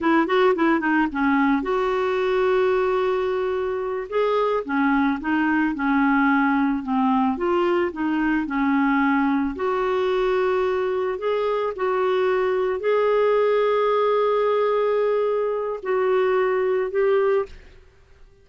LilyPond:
\new Staff \with { instrumentName = "clarinet" } { \time 4/4 \tempo 4 = 110 e'8 fis'8 e'8 dis'8 cis'4 fis'4~ | fis'2.~ fis'8 gis'8~ | gis'8 cis'4 dis'4 cis'4.~ | cis'8 c'4 f'4 dis'4 cis'8~ |
cis'4. fis'2~ fis'8~ | fis'8 gis'4 fis'2 gis'8~ | gis'1~ | gis'4 fis'2 g'4 | }